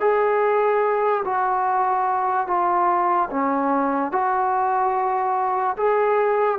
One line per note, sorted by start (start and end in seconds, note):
0.00 1.23 G#4
1.25 2.47 F#4
2.47 3.29 F4
3.30 4.12 C#4
4.12 5.76 F#4
5.77 6.59 G#4